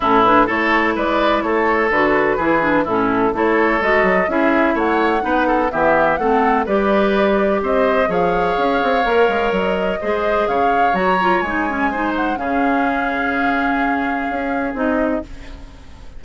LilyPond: <<
  \new Staff \with { instrumentName = "flute" } { \time 4/4 \tempo 4 = 126 a'8 b'8 cis''4 d''4 cis''4 | b'2 a'4 cis''4 | dis''4 e''4 fis''2 | e''4 fis''4 d''2 |
dis''4 f''2. | dis''2 f''4 ais''4 | gis''4. fis''8 f''2~ | f''2. dis''4 | }
  \new Staff \with { instrumentName = "oboe" } { \time 4/4 e'4 a'4 b'4 a'4~ | a'4 gis'4 e'4 a'4~ | a'4 gis'4 cis''4 b'8 a'8 | g'4 a'4 b'2 |
c''4 cis''2.~ | cis''4 c''4 cis''2~ | cis''4 c''4 gis'2~ | gis'1 | }
  \new Staff \with { instrumentName = "clarinet" } { \time 4/4 cis'8 d'8 e'2. | fis'4 e'8 d'8 cis'4 e'4 | fis'4 e'2 dis'4 | b4 c'4 g'2~ |
g'4 gis'2 ais'4~ | ais'4 gis'2 fis'8 f'8 | dis'8 cis'8 dis'4 cis'2~ | cis'2. dis'4 | }
  \new Staff \with { instrumentName = "bassoon" } { \time 4/4 a,4 a4 gis4 a4 | d4 e4 a,4 a4 | gis8 fis8 cis'4 a4 b4 | e4 a4 g2 |
c'4 f4 cis'8 c'8 ais8 gis8 | fis4 gis4 cis4 fis4 | gis2 cis2~ | cis2 cis'4 c'4 | }
>>